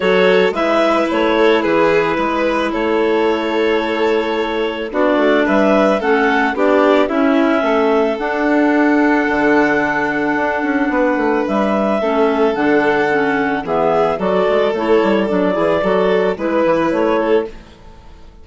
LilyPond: <<
  \new Staff \with { instrumentName = "clarinet" } { \time 4/4 \tempo 4 = 110 cis''4 e''4 cis''4 b'4~ | b'4 cis''2.~ | cis''4 d''4 e''4 fis''4 | d''4 e''2 fis''4~ |
fis''1~ | fis''4 e''2 fis''4~ | fis''4 e''4 d''4 cis''4 | d''2 b'4 cis''4 | }
  \new Staff \with { instrumentName = "violin" } { \time 4/4 a'4 b'4. a'8 gis'4 | b'4 a'2.~ | a'4 fis'4 b'4 a'4 | g'4 e'4 a'2~ |
a'1 | b'2 a'2~ | a'4 gis'4 a'2~ | a'8 gis'8 a'4 b'4. a'8 | }
  \new Staff \with { instrumentName = "clarinet" } { \time 4/4 fis'4 e'2.~ | e'1~ | e'4 d'2 cis'4 | d'4 cis'2 d'4~ |
d'1~ | d'2 cis'4 d'4 | cis'4 b4 fis'4 e'4 | d'8 e'8 fis'4 e'2 | }
  \new Staff \with { instrumentName = "bassoon" } { \time 4/4 fis4 gis4 a4 e4 | gis4 a2.~ | a4 b8 a8 g4 a4 | b4 cis'4 a4 d'4~ |
d'4 d2 d'8 cis'8 | b8 a8 g4 a4 d4~ | d4 e4 fis8 gis8 a8 g8 | fis8 e8 fis4 gis8 e8 a4 | }
>>